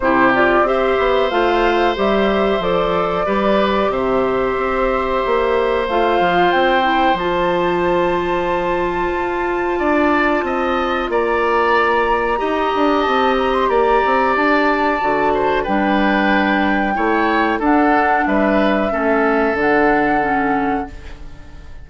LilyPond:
<<
  \new Staff \with { instrumentName = "flute" } { \time 4/4 \tempo 4 = 92 c''8 d''8 e''4 f''4 e''4 | d''2 e''2~ | e''4 f''4 g''4 a''4~ | a''1~ |
a''4 ais''2. | a''8 ais''16 c'''16 ais''4 a''2 | g''2. fis''4 | e''2 fis''2 | }
  \new Staff \with { instrumentName = "oboe" } { \time 4/4 g'4 c''2.~ | c''4 b'4 c''2~ | c''1~ | c''2. d''4 |
dis''4 d''2 dis''4~ | dis''4 d''2~ d''8 c''8 | b'2 cis''4 a'4 | b'4 a'2. | }
  \new Staff \with { instrumentName = "clarinet" } { \time 4/4 e'8 f'8 g'4 f'4 g'4 | a'4 g'2.~ | g'4 f'4. e'8 f'4~ | f'1~ |
f'2. g'4~ | g'2. fis'4 | d'2 e'4 d'4~ | d'4 cis'4 d'4 cis'4 | }
  \new Staff \with { instrumentName = "bassoon" } { \time 4/4 c4 c'8 b8 a4 g4 | f4 g4 c4 c'4 | ais4 a8 f8 c'4 f4~ | f2 f'4 d'4 |
c'4 ais2 dis'8 d'8 | c'4 ais8 c'8 d'4 d4 | g2 a4 d'4 | g4 a4 d2 | }
>>